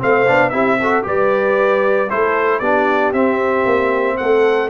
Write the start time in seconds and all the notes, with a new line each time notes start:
0.00 A3 C4 C5 F5
0.28 B3 D4
0.50 C4 E4 G4 E5
0.82 F#4 A4
1.03 G3 G4 B4 D5
2.10 A3 E4 A4 C5
2.60 B3 D4 G4 D5
3.13 C4 E5
3.66 A#3
4.18 A3 A4 F#5